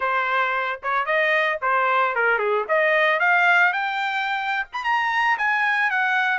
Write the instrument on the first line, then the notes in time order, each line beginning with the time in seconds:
trumpet
0.00 C5
0.83 C#5
1.05 D#5
1.61 C5
2.15 A#4
2.38 G#4
2.68 D#5
3.19 F5
3.72 G5
4.72 B5
4.84 A#5
5.37 G#5
5.90 F#5